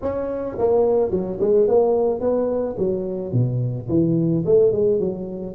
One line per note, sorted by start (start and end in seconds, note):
0.02 0.57 C#4
0.58 1.10 A#3
1.10 1.38 F#3
1.40 1.67 G#3
1.67 2.20 A#3
2.20 2.76 B3
2.78 3.32 F#3
3.32 3.87 B2
3.89 4.44 E3
4.45 4.72 A3
4.72 4.99 G#3
4.99 5.55 F#3